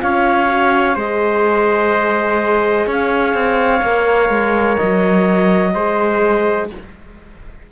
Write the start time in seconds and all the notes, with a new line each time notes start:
0.00 C#4 F4 C#5 F5
0.47 F#4
0.96 G#3 G#4 C5 D#5
2.87 C#4 C#5 F5
3.34 C4
3.83 A#3 A#4
4.30 G#3
4.77 F#3 D#5
5.75 G#3 G#4 C5